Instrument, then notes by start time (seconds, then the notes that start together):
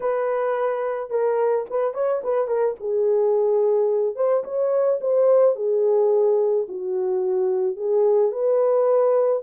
horn
0.00 B4
1.10 A#4
1.70 B4
1.94 C#5
2.23 B4
2.47 A#4
2.80 G#4
4.15 C5
4.44 C#5
5.00 C5
5.55 G#4
6.68 F#4
7.76 G#4
8.31 B4